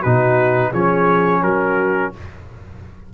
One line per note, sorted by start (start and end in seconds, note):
0.00 0.73 B2
0.00 0.74 D#4
0.00 0.70 F#4
0.00 0.72 B4
0.71 1.42 F3
0.71 2.14 C#4
0.71 1.41 G#4
0.71 1.43 C#5
1.42 2.12 F#3
1.42 2.12 F#4
1.42 2.12 A#4